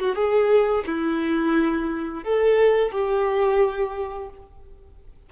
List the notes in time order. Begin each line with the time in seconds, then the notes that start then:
0.00 F#4
0.15 G#4
0.87 E4
2.24 A4
2.92 G4